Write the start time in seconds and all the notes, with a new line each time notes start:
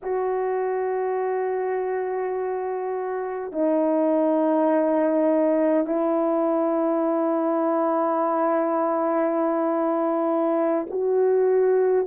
0.02 F#4
3.51 D#4
5.86 E4
10.90 F#4